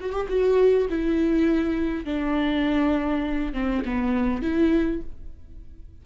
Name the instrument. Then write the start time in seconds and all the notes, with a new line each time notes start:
viola
0.00 F#4
0.12 G4
0.28 F#4
0.89 E4
2.04 D4
3.53 C4
3.85 B3
4.42 E4